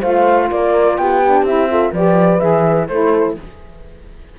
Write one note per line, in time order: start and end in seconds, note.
0.00 0.51 A3
0.00 1.21 F4
0.00 0.48 C5
0.00 0.50 F5
0.50 0.98 A#3
0.50 0.98 A#4
0.50 0.97 D5
0.97 1.42 B3
0.97 1.71 G4
0.97 1.45 G5
1.25 1.48 D4
1.42 1.90 C4
1.42 1.68 E4
1.42 1.93 E5
1.68 1.92 F4
1.68 1.91 A4
1.91 2.40 F3
1.91 2.39 G4
1.91 2.86 B4
1.91 2.39 D5
2.39 2.88 E3
2.39 2.87 G#4
2.39 2.87 E5
2.87 3.36 A3
2.87 3.39 E4
2.87 3.39 A4
2.87 3.35 C5